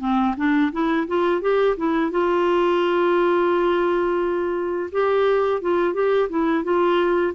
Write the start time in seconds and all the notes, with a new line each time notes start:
0.00 C4
0.37 D4
0.72 E4
1.08 F4
1.41 G4
1.77 E4
2.11 F4
4.92 G4
5.62 F4
5.94 G4
6.29 E4
6.64 F4